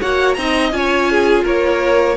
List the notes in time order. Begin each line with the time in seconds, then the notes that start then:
0.00 A#3 F#4 C#5 F#5
0.34 C4 D#4 D#5 A#5
0.72 C#4 F4 C#5 G#5
1.11 G#4
1.44 A#3 A#4 C#5